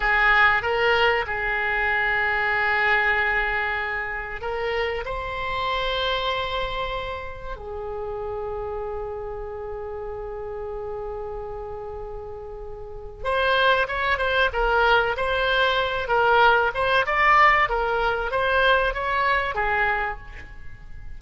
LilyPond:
\new Staff \with { instrumentName = "oboe" } { \time 4/4 \tempo 4 = 95 gis'4 ais'4 gis'2~ | gis'2. ais'4 | c''1 | gis'1~ |
gis'1~ | gis'4 c''4 cis''8 c''8 ais'4 | c''4. ais'4 c''8 d''4 | ais'4 c''4 cis''4 gis'4 | }